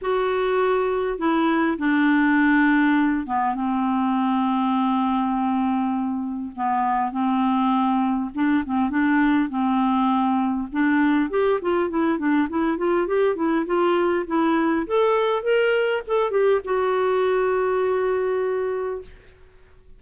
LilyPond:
\new Staff \with { instrumentName = "clarinet" } { \time 4/4 \tempo 4 = 101 fis'2 e'4 d'4~ | d'4. b8 c'2~ | c'2. b4 | c'2 d'8 c'8 d'4 |
c'2 d'4 g'8 f'8 | e'8 d'8 e'8 f'8 g'8 e'8 f'4 | e'4 a'4 ais'4 a'8 g'8 | fis'1 | }